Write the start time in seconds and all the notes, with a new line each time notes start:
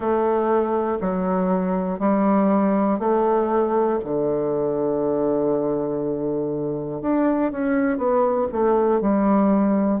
0.00 A3
1.00 F#3
1.99 G3
2.99 A3
4.04 D3
7.01 D4
7.51 C#4
7.97 B3
8.52 A3
9.00 G3